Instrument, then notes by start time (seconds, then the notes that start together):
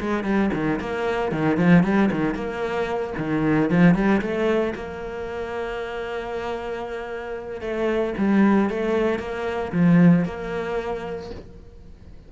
cello
0.00 G#3
0.24 G3
0.54 D#3
0.80 A#3
1.32 D#3
1.57 F3
1.83 G3
2.11 D#3
2.34 A#3
3.18 D#3
3.70 F3
3.95 G3
4.21 A3
4.75 A#3
7.61 A3
8.18 G3
8.70 A3
9.19 A#3
9.72 F3
10.25 A#3